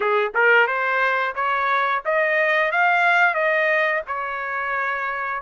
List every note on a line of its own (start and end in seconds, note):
0.00 0.32 G#4
0.34 0.67 A#4
0.67 1.34 C5
1.35 2.02 C#5
2.05 2.71 D#5
2.71 3.34 F5
3.34 4.01 D#5
4.07 5.41 C#5